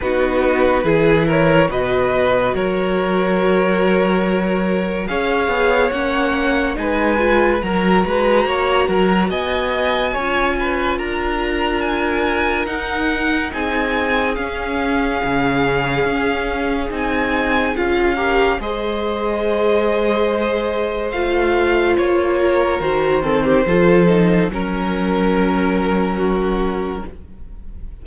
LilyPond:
<<
  \new Staff \with { instrumentName = "violin" } { \time 4/4 \tempo 4 = 71 b'4. cis''8 dis''4 cis''4~ | cis''2 f''4 fis''4 | gis''4 ais''2 gis''4~ | gis''4 ais''4 gis''4 fis''4 |
gis''4 f''2. | gis''4 f''4 dis''2~ | dis''4 f''4 cis''4 c''4~ | c''4 ais'2. | }
  \new Staff \with { instrumentName = "violin" } { \time 4/4 fis'4 gis'8 ais'8 b'4 ais'4~ | ais'2 cis''2 | b'4 ais'8 b'8 cis''8 ais'8 dis''4 | cis''8 b'8 ais'2. |
gis'1~ | gis'4. ais'8 c''2~ | c''2~ c''8 ais'4 a'16 g'16 | a'4 ais'2 fis'4 | }
  \new Staff \with { instrumentName = "viola" } { \time 4/4 dis'4 e'4 fis'2~ | fis'2 gis'4 cis'4 | dis'8 f'8 fis'2. | f'2. dis'4~ |
dis'4 cis'2. | dis'4 f'8 g'8 gis'2~ | gis'4 f'2 fis'8 c'8 | f'8 dis'8 cis'2. | }
  \new Staff \with { instrumentName = "cello" } { \time 4/4 b4 e4 b,4 fis4~ | fis2 cis'8 b8 ais4 | gis4 fis8 gis8 ais8 fis8 b4 | cis'4 d'2 dis'4 |
c'4 cis'4 cis4 cis'4 | c'4 cis'4 gis2~ | gis4 a4 ais4 dis4 | f4 fis2. | }
>>